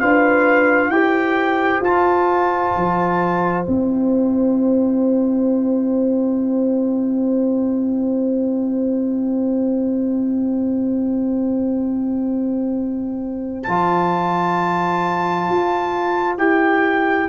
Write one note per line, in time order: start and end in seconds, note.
0.00 0.89 D4
0.00 0.92 F4
0.00 0.91 B4
0.00 0.91 F5
0.89 1.80 E4
0.89 1.84 G4
0.89 17.29 C5
0.89 1.81 G5
1.81 2.72 F4
1.81 3.64 F4
1.81 3.65 A5
2.76 3.67 F3
3.64 13.67 C4
3.64 13.64 E4
3.64 13.63 G5
13.63 15.48 F3
13.63 16.38 F4
13.63 16.36 A5
15.48 16.38 F4
16.38 17.29 E4
16.38 17.29 G4
16.38 17.29 G5